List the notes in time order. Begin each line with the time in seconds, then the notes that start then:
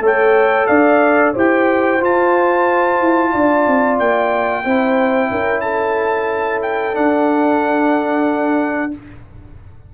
0.00 A3 A4 C#5
0.06 G5
0.67 D4 D5 F5
1.34 E4 G4 C5 G5
2.00 F4 A5
3.01 E4
3.32 D4 D5
3.67 C4
3.99 A#3 G5
4.64 C4 E4 C5
5.31 C#4 A#4
5.61 A4 A5
6.62 G5
6.93 D4 F#5